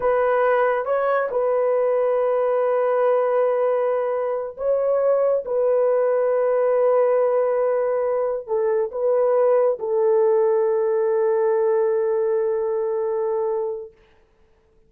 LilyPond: \new Staff \with { instrumentName = "horn" } { \time 4/4 \tempo 4 = 138 b'2 cis''4 b'4~ | b'1~ | b'2~ b'8 cis''4.~ | cis''8 b'2.~ b'8~ |
b'2.~ b'8 a'8~ | a'8 b'2 a'4.~ | a'1~ | a'1 | }